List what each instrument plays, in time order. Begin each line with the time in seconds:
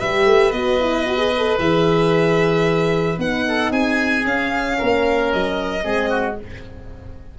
0.00 tuba G3, horn G4, oboe B4, violin E5
0.26 tuba A3
0.52 tuba B3, horn F#4, violin D#5
0.80 horn E4
1.07 horn F#4
1.18 horn G#4
1.37 horn A4
1.59 tuba E3, horn G#4, violin E5
3.18 tuba B3, horn D#4, violin F#5
3.48 oboe A4
3.71 tuba C4, oboe G#4, violin G#5
4.25 tuba C#4, horn C#4, violin F5
4.78 tuba A#3, oboe A#4
5.33 tuba F#3, violin D#5
5.83 tuba G#3, horn C4, oboe G#4
6.10 oboe F#4